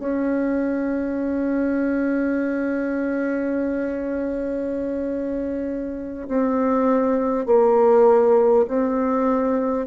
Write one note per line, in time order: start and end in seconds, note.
0.00 6.28 C#4
6.28 7.46 C4
7.46 8.66 A#3
8.68 9.87 C4